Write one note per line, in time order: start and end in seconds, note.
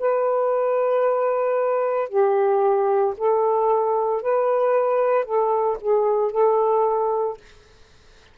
0.00 2.09 B4
2.09 3.14 G4
3.18 4.22 A4
4.22 5.25 B4
5.25 5.78 A4
5.81 6.32 G#4
6.32 7.37 A4